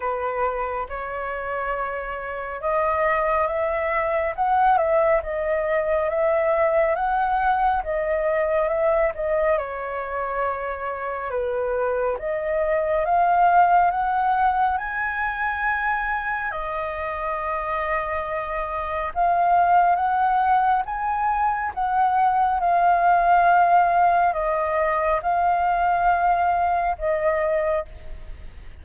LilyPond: \new Staff \with { instrumentName = "flute" } { \time 4/4 \tempo 4 = 69 b'4 cis''2 dis''4 | e''4 fis''8 e''8 dis''4 e''4 | fis''4 dis''4 e''8 dis''8 cis''4~ | cis''4 b'4 dis''4 f''4 |
fis''4 gis''2 dis''4~ | dis''2 f''4 fis''4 | gis''4 fis''4 f''2 | dis''4 f''2 dis''4 | }